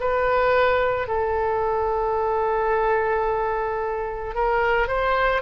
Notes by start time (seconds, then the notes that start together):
0.00 B4
1.08 A4
4.35 A#4
4.87 C5